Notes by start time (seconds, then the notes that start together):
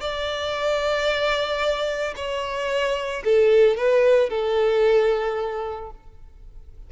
0.00 D5
2.16 C#5
3.24 A4
3.77 B4
4.29 A4